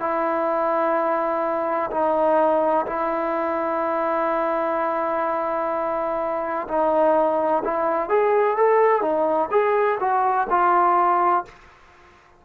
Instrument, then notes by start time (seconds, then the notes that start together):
trombone
0.00 E4
1.91 D#4
2.87 E4
6.68 D#4
7.65 E4
8.09 G#4
8.57 A4
9.02 D#4
9.52 G#4
10.00 F#4
10.50 F4